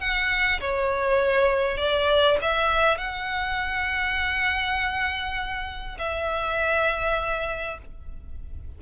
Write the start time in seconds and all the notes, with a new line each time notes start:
0.00 F#5
0.60 C#5
1.77 D5
2.41 E5
2.98 F#5
5.98 E5